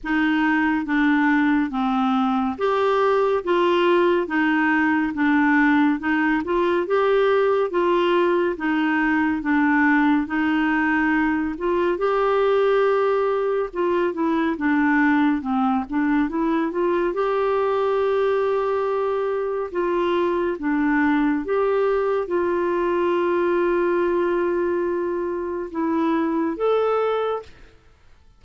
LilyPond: \new Staff \with { instrumentName = "clarinet" } { \time 4/4 \tempo 4 = 70 dis'4 d'4 c'4 g'4 | f'4 dis'4 d'4 dis'8 f'8 | g'4 f'4 dis'4 d'4 | dis'4. f'8 g'2 |
f'8 e'8 d'4 c'8 d'8 e'8 f'8 | g'2. f'4 | d'4 g'4 f'2~ | f'2 e'4 a'4 | }